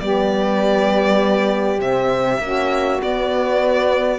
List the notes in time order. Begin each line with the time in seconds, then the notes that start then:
0.00 G3 B3 G4 D5
1.79 C3 C4 E5
2.39 A#3 C#4 F#4
3.01 B3 D5